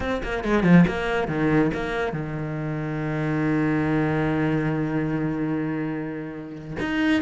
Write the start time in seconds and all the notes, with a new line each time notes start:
0.00 C4
0.23 A#3
0.44 G#3
0.63 F3
0.87 A#3
1.28 D#3
1.74 A#3
2.13 D#3
6.79 D#4